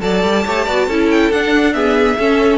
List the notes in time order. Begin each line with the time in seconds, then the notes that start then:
0.00 F#3 A4 D5 A5
0.23 G3
0.46 A3 G4 C#5
0.65 B3 F#4 D5
0.87 C#4 E4 A4
1.11 G5
1.31 D4 F#5
1.73 B3 G#4 E5
2.18 C#4 A4